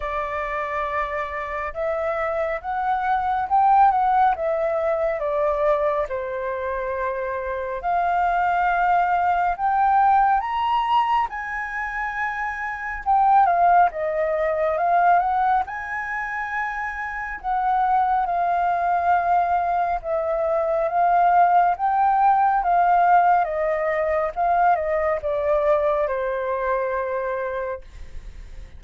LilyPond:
\new Staff \with { instrumentName = "flute" } { \time 4/4 \tempo 4 = 69 d''2 e''4 fis''4 | g''8 fis''8 e''4 d''4 c''4~ | c''4 f''2 g''4 | ais''4 gis''2 g''8 f''8 |
dis''4 f''8 fis''8 gis''2 | fis''4 f''2 e''4 | f''4 g''4 f''4 dis''4 | f''8 dis''8 d''4 c''2 | }